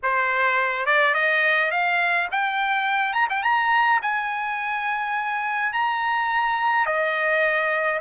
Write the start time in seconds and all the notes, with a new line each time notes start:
0.02 C5
0.85 D5
1.14 D#5
1.71 F5
2.31 G5
3.13 A#5
3.29 G5
3.42 A#5
4.02 G#5
5.72 A#5
6.85 D#5